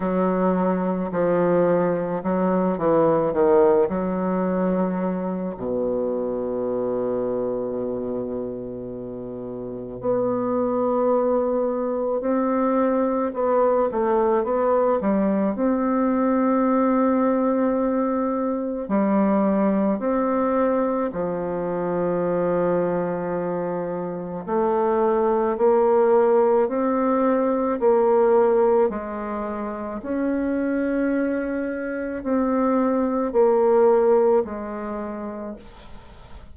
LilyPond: \new Staff \with { instrumentName = "bassoon" } { \time 4/4 \tempo 4 = 54 fis4 f4 fis8 e8 dis8 fis8~ | fis4 b,2.~ | b,4 b2 c'4 | b8 a8 b8 g8 c'2~ |
c'4 g4 c'4 f4~ | f2 a4 ais4 | c'4 ais4 gis4 cis'4~ | cis'4 c'4 ais4 gis4 | }